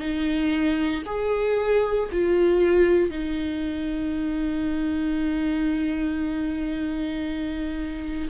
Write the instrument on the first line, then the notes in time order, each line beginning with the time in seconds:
viola
0.00 D#4
1.06 G#4
2.12 F4
3.10 D#4